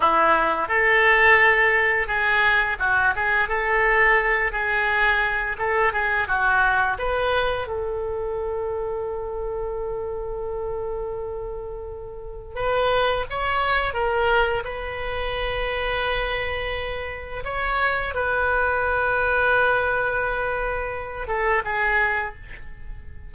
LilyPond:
\new Staff \with { instrumentName = "oboe" } { \time 4/4 \tempo 4 = 86 e'4 a'2 gis'4 | fis'8 gis'8 a'4. gis'4. | a'8 gis'8 fis'4 b'4 a'4~ | a'1~ |
a'2 b'4 cis''4 | ais'4 b'2.~ | b'4 cis''4 b'2~ | b'2~ b'8 a'8 gis'4 | }